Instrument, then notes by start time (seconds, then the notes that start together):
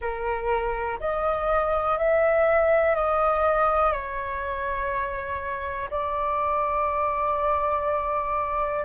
flute
0.01 A#4
1.00 D#5
1.98 E5
2.95 D#5
3.92 C#5
5.90 D5